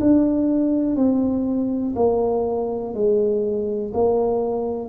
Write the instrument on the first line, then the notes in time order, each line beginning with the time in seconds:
tuba
0.00 D4
0.96 C4
1.95 A#3
2.94 G#3
3.93 A#3